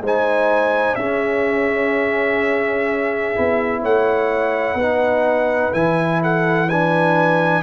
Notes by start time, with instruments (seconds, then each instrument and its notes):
0.00 tuba G#3, trombone D#4, horn C5
0.06 trumpet G#5
0.95 tuba C#4, trombone C#4, horn G#4, trumpet E5
3.35 tuba B3, trombone E4
3.81 tuba A3, horn C#5, trumpet F#5
4.74 tuba B3, trombone D#4, horn B4
5.73 tuba E3, trombone E4, trumpet G#5
6.22 horn A4, trumpet F#5
6.69 trombone D4, horn B4, trumpet G#5